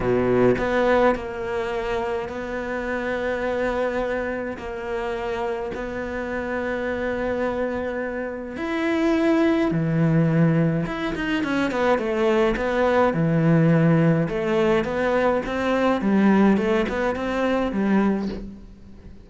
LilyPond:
\new Staff \with { instrumentName = "cello" } { \time 4/4 \tempo 4 = 105 b,4 b4 ais2 | b1 | ais2 b2~ | b2. e'4~ |
e'4 e2 e'8 dis'8 | cis'8 b8 a4 b4 e4~ | e4 a4 b4 c'4 | g4 a8 b8 c'4 g4 | }